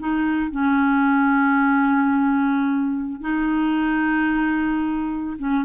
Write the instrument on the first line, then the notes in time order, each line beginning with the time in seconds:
clarinet
0.00 D#4
0.51 C#4
3.21 D#4
5.39 C#4